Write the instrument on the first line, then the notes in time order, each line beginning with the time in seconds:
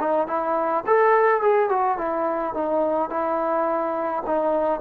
trombone
0.00 D#4
0.28 E4
0.87 A4
1.42 G#4
1.70 F#4
1.98 E4
2.54 D#4
3.10 E4
4.27 D#4